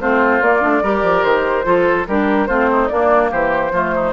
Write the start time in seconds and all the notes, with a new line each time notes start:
0.00 A3 C4 F4 C5
0.41 A#3 D5
0.61 A3 D4
0.82 G3 G4 A#4
1.02 F3
1.23 D#3 C5
1.64 F3 F4 A4
2.07 G3 D4 G4 A#4
2.47 A3 C4 F4 C5
2.72 D#4
2.88 A#3 D4 D5
3.31 E3 G4 C5
3.71 F3 A3 F4
3.95 D#4